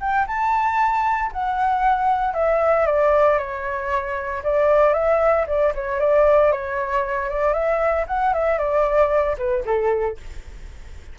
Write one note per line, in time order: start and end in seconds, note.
0.00 0.26 G5
0.27 1.31 A5
1.32 2.34 F#5
2.34 2.86 E5
2.86 3.38 D5
3.38 4.43 C#5
4.43 4.94 D5
4.94 5.46 E5
5.47 5.73 D5
5.75 6.00 C#5
6.00 6.52 D5
6.52 7.29 C#5
7.29 7.53 D5
7.53 8.06 E5
8.07 8.33 F#5
8.33 8.58 E5
8.58 9.36 D5
9.38 9.64 B4
9.65 10.17 A4